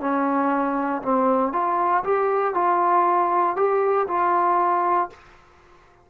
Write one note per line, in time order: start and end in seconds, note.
0.00 1.02 C#4
1.02 1.53 C4
1.53 2.03 F4
2.04 2.54 G4
2.54 3.56 F4
3.56 4.07 G4
4.08 5.10 F4